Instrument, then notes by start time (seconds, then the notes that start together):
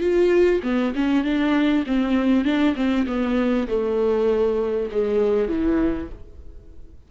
viola
0.00 F4
0.63 B3
0.95 C#4
1.23 D4
1.86 C4
2.44 D4
2.75 C4
3.06 B3
3.67 A3
4.91 G#3
5.48 E3